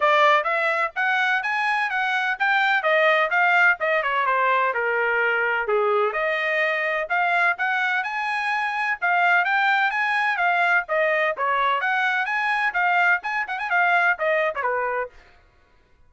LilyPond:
\new Staff \with { instrumentName = "trumpet" } { \time 4/4 \tempo 4 = 127 d''4 e''4 fis''4 gis''4 | fis''4 g''4 dis''4 f''4 | dis''8 cis''8 c''4 ais'2 | gis'4 dis''2 f''4 |
fis''4 gis''2 f''4 | g''4 gis''4 f''4 dis''4 | cis''4 fis''4 gis''4 f''4 | gis''8 fis''16 gis''16 f''4 dis''8. cis''16 b'4 | }